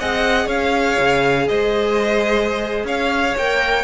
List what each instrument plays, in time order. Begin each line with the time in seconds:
0.00 cello C4, viola G#4, violin D#5 F#5
0.46 cello C#4, violin C#5 F5
1.00 cello C#3
1.48 cello G#3, violin C5 D#5
2.84 cello C#4, violin C#5 F5
3.37 cello A#3, viola A#4, violin G5